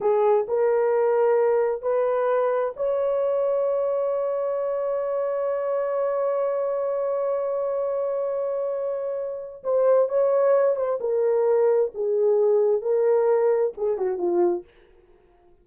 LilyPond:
\new Staff \with { instrumentName = "horn" } { \time 4/4 \tempo 4 = 131 gis'4 ais'2. | b'2 cis''2~ | cis''1~ | cis''1~ |
cis''1~ | cis''4 c''4 cis''4. c''8 | ais'2 gis'2 | ais'2 gis'8 fis'8 f'4 | }